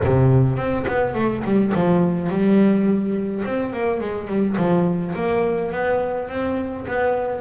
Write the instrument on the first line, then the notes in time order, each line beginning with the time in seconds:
double bass
0.04 C3
0.56 C4
0.87 B3
1.14 A3
1.44 G3
1.74 F3
2.29 G3
3.45 C4
3.72 A#3
4.00 G#3
4.27 G3
4.57 F3
5.15 A#3
5.71 B3
6.28 C4
6.87 B3